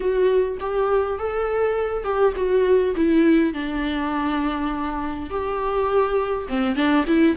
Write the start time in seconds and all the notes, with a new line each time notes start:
0.00 F#4
0.60 G4
1.18 A4
2.03 G4
2.36 F#4
2.95 E4
3.53 D4
5.29 G4
6.48 C4
6.75 D4
7.06 E4